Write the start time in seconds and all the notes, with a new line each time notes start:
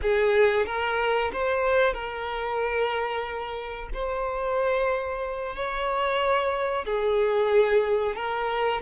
0.01 G#4
0.66 A#4
1.32 C5
1.93 A#4
3.93 C5
5.55 C#5
6.85 G#4
8.15 A#4